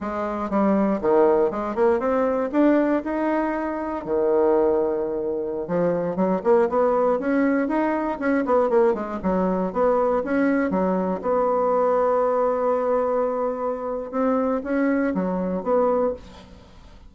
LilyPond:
\new Staff \with { instrumentName = "bassoon" } { \time 4/4 \tempo 4 = 119 gis4 g4 dis4 gis8 ais8 | c'4 d'4 dis'2 | dis2.~ dis16 f8.~ | f16 fis8 ais8 b4 cis'4 dis'8.~ |
dis'16 cis'8 b8 ais8 gis8 fis4 b8.~ | b16 cis'4 fis4 b4.~ b16~ | b1 | c'4 cis'4 fis4 b4 | }